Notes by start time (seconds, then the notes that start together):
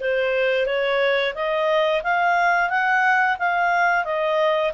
0.00 C5
0.66 C#5
1.35 D#5
2.03 F5
2.70 F#5
3.39 F5
4.05 D#5